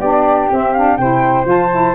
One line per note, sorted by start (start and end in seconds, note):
0.00 0.50 B3
0.00 0.51 D4
0.00 0.97 G4
0.00 0.49 D5
0.51 0.75 C4
0.51 0.97 C4
0.51 0.73 E5
0.73 1.00 D4
0.73 0.97 F5
0.97 1.45 C3
0.97 1.44 E4
0.97 1.95 C5
0.97 1.46 G5
1.44 1.94 F3
1.44 1.69 F4
1.44 1.95 A5
1.71 1.95 E4